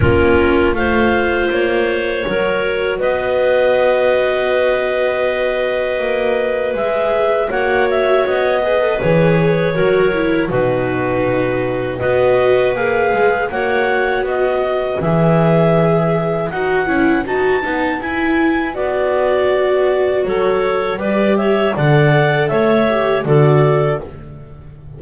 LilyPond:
<<
  \new Staff \with { instrumentName = "clarinet" } { \time 4/4 \tempo 4 = 80 ais'4 f''4 cis''2 | dis''1~ | dis''4 e''4 fis''8 e''8 dis''4 | cis''2 b'2 |
dis''4 f''4 fis''4 dis''4 | e''2 fis''4 a''4 | gis''4 d''2 cis''4 | d''8 e''8 fis''4 e''4 d''4 | }
  \new Staff \with { instrumentName = "clarinet" } { \time 4/4 f'4 c''2 ais'4 | b'1~ | b'2 cis''4. b'8~ | b'4 ais'4 fis'2 |
b'2 cis''4 b'4~ | b'1~ | b'2. a'4 | b'8 cis''8 d''4 cis''4 a'4 | }
  \new Staff \with { instrumentName = "viola" } { \time 4/4 cis'4 f'2 fis'4~ | fis'1~ | fis'4 gis'4 fis'4. gis'16 a'16 | gis'4 fis'8 e'8 dis'2 |
fis'4 gis'4 fis'2 | gis'2 fis'8 e'8 fis'8 dis'8 | e'4 fis'2. | g'4 a'4. g'8 fis'4 | }
  \new Staff \with { instrumentName = "double bass" } { \time 4/4 ais4 a4 ais4 fis4 | b1 | ais4 gis4 ais4 b4 | e4 fis4 b,2 |
b4 ais8 gis8 ais4 b4 | e2 dis'8 cis'8 dis'8 b8 | e'4 b2 fis4 | g4 d4 a4 d4 | }
>>